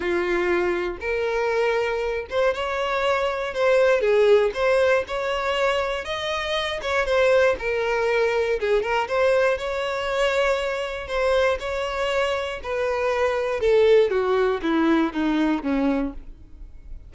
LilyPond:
\new Staff \with { instrumentName = "violin" } { \time 4/4 \tempo 4 = 119 f'2 ais'2~ | ais'8 c''8 cis''2 c''4 | gis'4 c''4 cis''2 | dis''4. cis''8 c''4 ais'4~ |
ais'4 gis'8 ais'8 c''4 cis''4~ | cis''2 c''4 cis''4~ | cis''4 b'2 a'4 | fis'4 e'4 dis'4 cis'4 | }